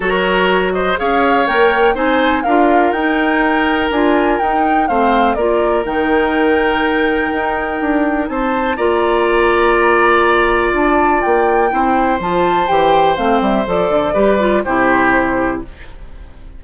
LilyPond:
<<
  \new Staff \with { instrumentName = "flute" } { \time 4/4 \tempo 4 = 123 cis''4. dis''8 f''4 g''4 | gis''4 f''4 g''2 | gis''4 g''4 f''4 d''4 | g''1~ |
g''4 a''4 ais''2~ | ais''2 a''4 g''4~ | g''4 a''4 g''4 f''8 e''8 | d''2 c''2 | }
  \new Staff \with { instrumentName = "oboe" } { \time 4/4 ais'4. c''8 cis''2 | c''4 ais'2.~ | ais'2 c''4 ais'4~ | ais'1~ |
ais'4 c''4 d''2~ | d''1 | c''1~ | c''4 b'4 g'2 | }
  \new Staff \with { instrumentName = "clarinet" } { \time 4/4 fis'2 gis'4 ais'4 | dis'4 f'4 dis'2 | f'4 dis'4 c'4 f'4 | dis'1~ |
dis'2 f'2~ | f'1 | e'4 f'4 g'4 c'4 | a'4 g'8 f'8 e'2 | }
  \new Staff \with { instrumentName = "bassoon" } { \time 4/4 fis2 cis'4 ais4 | c'4 d'4 dis'2 | d'4 dis'4 a4 ais4 | dis2. dis'4 |
d'4 c'4 ais2~ | ais2 d'4 ais4 | c'4 f4 e4 a8 g8 | f8 d8 g4 c2 | }
>>